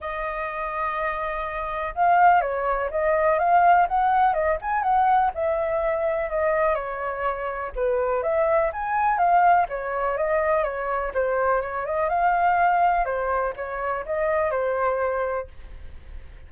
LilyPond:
\new Staff \with { instrumentName = "flute" } { \time 4/4 \tempo 4 = 124 dis''1 | f''4 cis''4 dis''4 f''4 | fis''4 dis''8 gis''8 fis''4 e''4~ | e''4 dis''4 cis''2 |
b'4 e''4 gis''4 f''4 | cis''4 dis''4 cis''4 c''4 | cis''8 dis''8 f''2 c''4 | cis''4 dis''4 c''2 | }